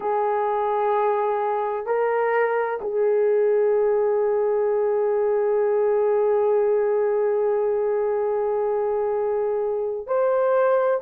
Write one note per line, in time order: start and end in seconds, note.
0.00 1.85 G#4
1.85 2.79 A#4
2.81 10.06 G#4
10.06 11.00 C5